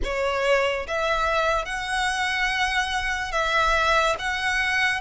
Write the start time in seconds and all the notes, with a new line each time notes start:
0.03 C#5
0.87 E5
1.65 F#5
3.32 E5
4.18 F#5